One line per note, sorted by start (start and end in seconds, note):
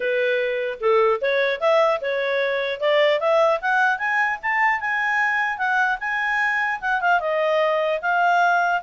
0.00 0.78 B4
0.80 1.20 A4
1.21 1.60 C#5
1.60 2.00 E5
2.01 2.80 C#5
2.80 3.19 D5
3.19 3.59 E5
3.61 3.98 F#5
3.98 4.38 G#5
4.42 4.80 A5
4.80 5.58 G#5
5.58 5.98 F#5
5.99 6.79 G#5
6.80 7.00 F#5
7.01 7.19 F5
7.19 7.99 D#5
8.01 8.81 F5